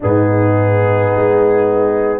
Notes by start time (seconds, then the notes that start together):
0.00 G#2 B3 D#4 G#4
1.15 G#3